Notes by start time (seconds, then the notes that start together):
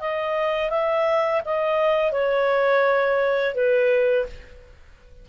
0.00 D#5
0.70 E5
1.45 D#5
2.12 C#5
3.54 B4